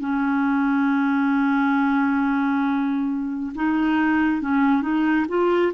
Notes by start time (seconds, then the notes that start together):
0.00 C#4
3.55 D#4
4.42 C#4
4.82 D#4
5.29 F4